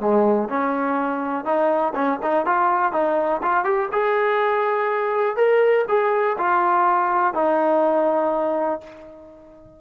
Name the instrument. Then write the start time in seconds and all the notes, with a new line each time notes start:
trombone
0.00 G#3
0.49 C#4
1.45 D#4
1.95 C#4
2.22 D#4
2.46 F4
2.93 D#4
3.42 F4
3.64 G4
3.92 G#4
5.37 A#4
5.88 G#4
6.38 F4
7.34 D#4